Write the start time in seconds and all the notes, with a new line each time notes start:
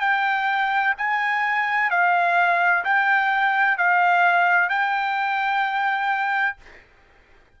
0.00 G5
0.97 G#5
1.90 F5
2.84 G5
3.77 F5
4.69 G5